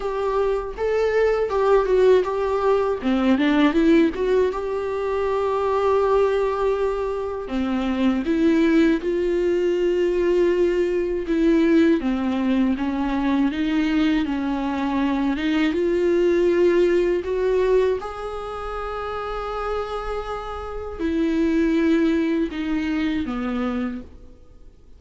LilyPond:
\new Staff \with { instrumentName = "viola" } { \time 4/4 \tempo 4 = 80 g'4 a'4 g'8 fis'8 g'4 | c'8 d'8 e'8 fis'8 g'2~ | g'2 c'4 e'4 | f'2. e'4 |
c'4 cis'4 dis'4 cis'4~ | cis'8 dis'8 f'2 fis'4 | gis'1 | e'2 dis'4 b4 | }